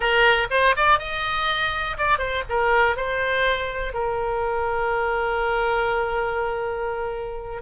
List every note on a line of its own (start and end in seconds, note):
0.00 0.47 A#4
0.50 0.75 C5
0.76 0.99 D5
0.99 1.97 D#5
1.97 2.18 D5
2.18 2.43 C5
2.49 2.96 A#4
2.96 3.93 C5
3.93 7.62 A#4